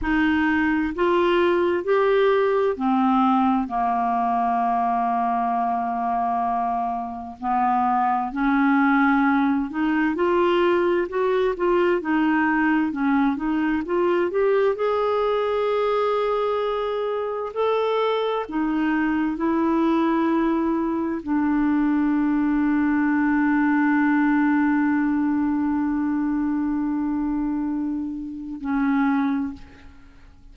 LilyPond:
\new Staff \with { instrumentName = "clarinet" } { \time 4/4 \tempo 4 = 65 dis'4 f'4 g'4 c'4 | ais1 | b4 cis'4. dis'8 f'4 | fis'8 f'8 dis'4 cis'8 dis'8 f'8 g'8 |
gis'2. a'4 | dis'4 e'2 d'4~ | d'1~ | d'2. cis'4 | }